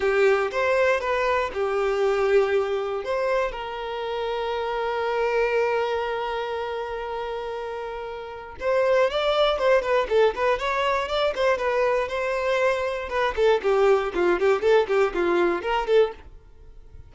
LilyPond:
\new Staff \with { instrumentName = "violin" } { \time 4/4 \tempo 4 = 119 g'4 c''4 b'4 g'4~ | g'2 c''4 ais'4~ | ais'1~ | ais'1~ |
ais'4 c''4 d''4 c''8 b'8 | a'8 b'8 cis''4 d''8 c''8 b'4 | c''2 b'8 a'8 g'4 | f'8 g'8 a'8 g'8 f'4 ais'8 a'8 | }